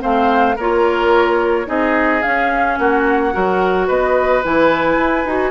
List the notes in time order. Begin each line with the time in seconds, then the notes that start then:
0.00 A3 C4 C5 F5
0.56 A#3 F4 A#4 C#5
1.66 C4 D#4 G#4 D#5
2.22 C#4 F5
2.78 A#3 F#4 F#5
3.33 F#3 F#4 A#4
3.87 B3 B4 D#5
4.43 E3 E4 G#5
4.97 E4
5.25 D#4 F#4